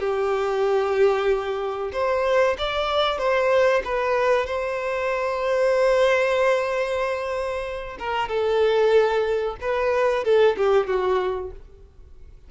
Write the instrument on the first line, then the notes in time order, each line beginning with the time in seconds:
violin
0.00 G4
1.93 C5
2.59 D5
3.19 C5
3.85 B4
4.47 C5
8.00 A#4
8.29 A4
9.62 B4
10.24 A4
10.58 G4
10.87 F#4